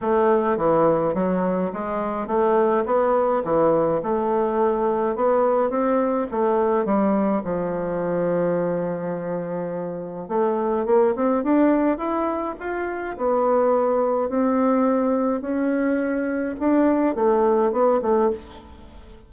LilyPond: \new Staff \with { instrumentName = "bassoon" } { \time 4/4 \tempo 4 = 105 a4 e4 fis4 gis4 | a4 b4 e4 a4~ | a4 b4 c'4 a4 | g4 f2.~ |
f2 a4 ais8 c'8 | d'4 e'4 f'4 b4~ | b4 c'2 cis'4~ | cis'4 d'4 a4 b8 a8 | }